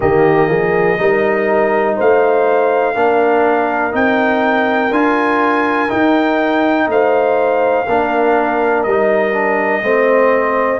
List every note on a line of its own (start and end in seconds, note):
0.00 0.49 D#3
0.00 0.98 A#3
0.00 0.49 G4
0.00 1.97 D#5
0.49 0.98 F3
0.49 0.98 G#4
0.98 1.97 G3
0.98 2.95 D#4
0.98 1.95 A#4
1.95 2.95 A3
1.95 2.94 C5
1.95 3.95 F5
2.94 3.93 A#3
2.94 3.91 D4
2.94 6.87 A#4
3.91 4.90 C4
3.91 4.90 D#4
3.91 4.92 G5
4.90 5.89 D4
4.90 5.88 F4
4.90 5.90 G#5
5.88 7.85 D#4
5.88 6.87 D#4
5.88 6.89 G5
6.87 7.85 A3
6.87 7.86 C5
6.87 8.83 F5
7.86 8.85 A#3
7.86 8.87 D4
7.86 9.83 A#4
8.83 9.82 G3
8.83 9.33 D#4
8.83 10.79 D#5
9.33 9.82 D4
9.82 10.79 A3
9.82 10.79 C4
9.82 10.79 C5